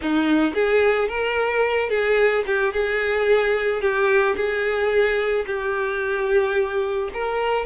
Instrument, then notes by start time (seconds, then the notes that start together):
violin
0.01 D#4
0.54 G#4
1.08 A#4
1.89 G#4
2.46 G4
2.73 G#4
3.81 G4
4.36 G#4
5.46 G4
7.13 A#4